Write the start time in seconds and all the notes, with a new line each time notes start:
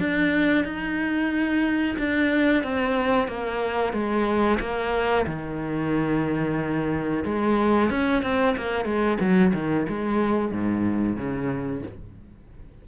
0.00 D4
0.65 D#4
1.98 D4
2.64 C4
3.28 A#3
3.93 G#3
4.60 A#3
5.27 D#3
7.25 G#3
7.91 C#4
8.23 C4
8.57 A#3
8.85 G#3
9.20 F#3
9.54 D#3
9.89 G#3
10.52 G#2
11.17 C#3